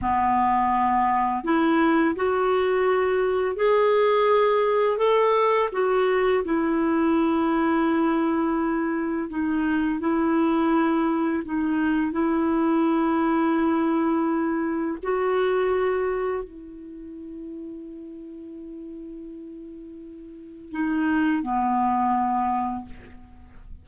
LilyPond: \new Staff \with { instrumentName = "clarinet" } { \time 4/4 \tempo 4 = 84 b2 e'4 fis'4~ | fis'4 gis'2 a'4 | fis'4 e'2.~ | e'4 dis'4 e'2 |
dis'4 e'2.~ | e'4 fis'2 e'4~ | e'1~ | e'4 dis'4 b2 | }